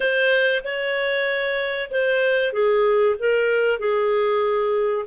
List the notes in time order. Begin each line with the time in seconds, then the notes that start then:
0.00 C5
0.64 C#5
1.90 C5
2.53 G#4
3.19 A#4
3.79 G#4